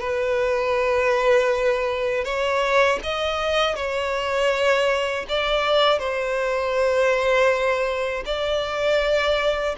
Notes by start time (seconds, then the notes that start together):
0.00 B4
2.25 C#5
3.03 D#5
3.76 C#5
5.29 D5
5.99 C5
8.26 D5